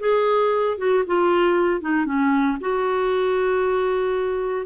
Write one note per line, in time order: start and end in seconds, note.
0.00 0.78 G#4
0.78 1.04 F#4
1.07 1.81 F4
1.81 2.06 D#4
2.06 2.58 C#4
2.61 4.66 F#4